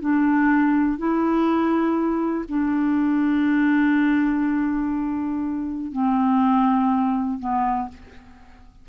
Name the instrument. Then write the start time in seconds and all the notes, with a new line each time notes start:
clarinet
0.00 D4
0.97 E4
2.48 D4
5.92 C4
7.39 B3